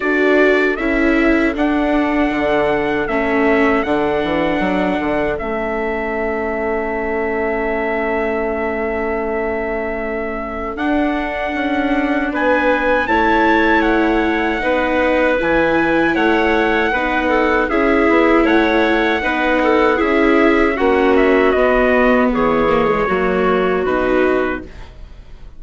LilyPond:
<<
  \new Staff \with { instrumentName = "trumpet" } { \time 4/4 \tempo 4 = 78 d''4 e''4 fis''2 | e''4 fis''2 e''4~ | e''1~ | e''2 fis''2 |
gis''4 a''4 fis''2 | gis''4 fis''2 e''4 | fis''2 e''4 fis''8 e''8 | dis''4 cis''2 b'4 | }
  \new Staff \with { instrumentName = "clarinet" } { \time 4/4 a'1~ | a'1~ | a'1~ | a'1 |
b'4 cis''2 b'4~ | b'4 cis''4 b'8 a'8 gis'4 | cis''4 b'8 a'8 gis'4 fis'4~ | fis'4 gis'4 fis'2 | }
  \new Staff \with { instrumentName = "viola" } { \time 4/4 fis'4 e'4 d'2 | cis'4 d'2 cis'4~ | cis'1~ | cis'2 d'2~ |
d'4 e'2 dis'4 | e'2 dis'4 e'4~ | e'4 dis'4 e'4 cis'4 | b4. ais16 gis16 ais4 dis'4 | }
  \new Staff \with { instrumentName = "bassoon" } { \time 4/4 d'4 cis'4 d'4 d4 | a4 d8 e8 fis8 d8 a4~ | a1~ | a2 d'4 cis'4 |
b4 a2 b4 | e4 a4 b4 cis'8 b8 | a4 b4 cis'4 ais4 | b4 e4 fis4 b,4 | }
>>